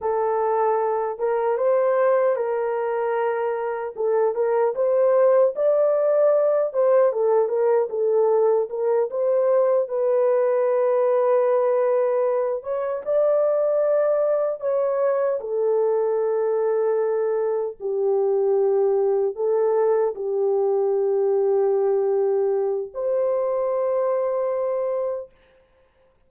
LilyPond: \new Staff \with { instrumentName = "horn" } { \time 4/4 \tempo 4 = 76 a'4. ais'8 c''4 ais'4~ | ais'4 a'8 ais'8 c''4 d''4~ | d''8 c''8 a'8 ais'8 a'4 ais'8 c''8~ | c''8 b'2.~ b'8 |
cis''8 d''2 cis''4 a'8~ | a'2~ a'8 g'4.~ | g'8 a'4 g'2~ g'8~ | g'4 c''2. | }